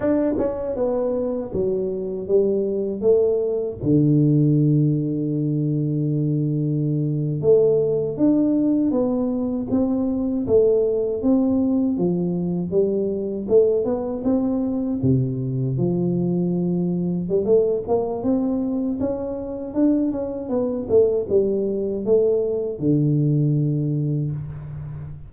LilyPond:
\new Staff \with { instrumentName = "tuba" } { \time 4/4 \tempo 4 = 79 d'8 cis'8 b4 fis4 g4 | a4 d2.~ | d4.~ d16 a4 d'4 b16~ | b8. c'4 a4 c'4 f16~ |
f8. g4 a8 b8 c'4 c16~ | c8. f2 g16 a8 ais8 | c'4 cis'4 d'8 cis'8 b8 a8 | g4 a4 d2 | }